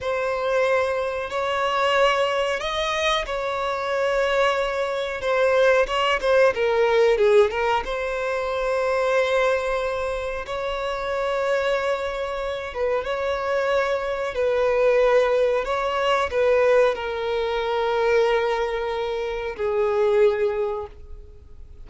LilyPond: \new Staff \with { instrumentName = "violin" } { \time 4/4 \tempo 4 = 92 c''2 cis''2 | dis''4 cis''2. | c''4 cis''8 c''8 ais'4 gis'8 ais'8 | c''1 |
cis''2.~ cis''8 b'8 | cis''2 b'2 | cis''4 b'4 ais'2~ | ais'2 gis'2 | }